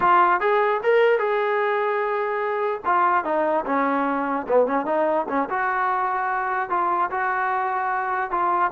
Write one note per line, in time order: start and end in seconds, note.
0.00 0.40 F4
0.40 0.81 G#4
0.83 1.18 A#4
1.18 2.80 G#4
2.85 3.24 F4
3.24 3.64 D#4
3.65 4.46 C#4
4.48 4.66 B3
4.66 4.85 C#4
4.85 5.26 D#4
5.28 5.48 C#4
5.49 6.69 F#4
6.69 7.09 F4
7.10 8.30 F#4
8.30 8.71 F4